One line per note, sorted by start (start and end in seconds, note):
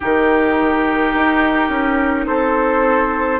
0.00 1.14 D#3
0.00 3.39 D#4
0.00 2.25 G4
0.00 2.26 A#4
1.14 1.69 D#4
1.69 2.25 C#4
2.26 3.39 C4
2.26 3.39 A4
2.26 3.39 C5